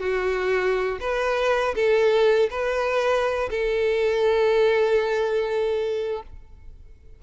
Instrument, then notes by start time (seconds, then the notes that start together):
violin
0.00 F#4
1.00 B4
1.75 A4
2.50 B4
3.50 A4